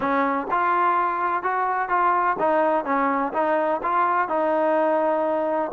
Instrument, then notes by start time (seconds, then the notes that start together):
trombone
0.00 C#4
0.50 F4
1.43 F#4
1.88 F4
2.39 D#4
2.84 C#4
3.33 D#4
3.82 F4
4.28 D#4